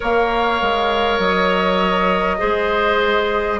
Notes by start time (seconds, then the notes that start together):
0.00 A#3 A#4 C#5 F5
0.61 G#3
1.19 F#3 D#5
2.38 G#3 G#4 C5